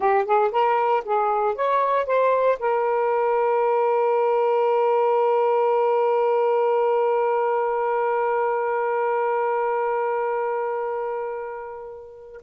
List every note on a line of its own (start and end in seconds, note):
0.00 0.25 G4
0.25 0.51 G#4
0.51 1.03 A#4
1.05 1.55 G#4
1.55 2.06 C#5
2.06 2.58 C5
2.59 12.41 A#4